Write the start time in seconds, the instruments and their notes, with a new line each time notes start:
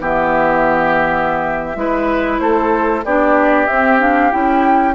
0.00 bassoon E3, clarinet B3, oboe G4, flute E5
1.75 bassoon G#3, clarinet E4, oboe B4
2.39 bassoon A3, oboe A4, flute C5
3.04 bassoon B3, clarinet D4, oboe G4, flute D5
3.66 clarinet C4, bassoon C4, flute E5
3.99 clarinet D4, flute F5
4.31 bassoon C#4, clarinet E4, flute G5